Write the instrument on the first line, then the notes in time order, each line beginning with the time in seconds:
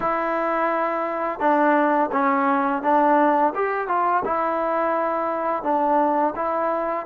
trombone
0.00 E4
1.39 D4
2.12 C#4
2.82 D4
3.55 G4
3.88 F4
4.24 E4
5.63 D4
6.35 E4